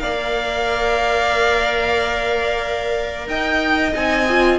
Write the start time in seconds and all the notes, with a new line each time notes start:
0.00 A#3 A#4 D5 F5
3.27 D#4 D#5 G5
3.93 C4 D#4 G#5
4.29 F4